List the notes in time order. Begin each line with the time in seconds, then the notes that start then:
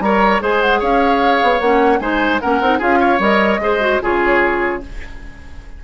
0.00 G3 A#4 C#5 A#5
0.41 G#3 G#4 C5 G#5
0.61 F#5
0.80 C#4 C#5 F5
1.43 B3
1.60 A#3 C#4 F#5
2.00 G#3 D#4 C5 G#5
2.41 A#3 C#4 A#4 F#5
2.61 C4 D#4
2.79 C#4 F4 G#4 F5
3.01 C#5
3.19 G3 A#4 D#5
3.59 G#3 G#4 C5
3.80 F#4
4.02 C#3 F4 G#4 C#5